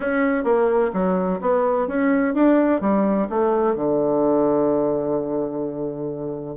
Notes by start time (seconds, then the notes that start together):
0.00 C#4
0.44 A#3
0.93 F#3
1.40 B3
1.87 C#4
2.34 D4
2.81 G3
3.29 A3
3.75 D3